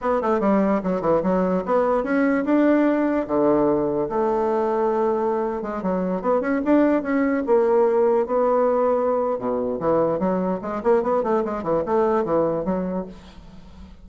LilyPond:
\new Staff \with { instrumentName = "bassoon" } { \time 4/4 \tempo 4 = 147 b8 a8 g4 fis8 e8 fis4 | b4 cis'4 d'2 | d2 a2~ | a4.~ a16 gis8 fis4 b8 cis'16~ |
cis'16 d'4 cis'4 ais4.~ ais16~ | ais16 b2~ b8. b,4 | e4 fis4 gis8 ais8 b8 a8 | gis8 e8 a4 e4 fis4 | }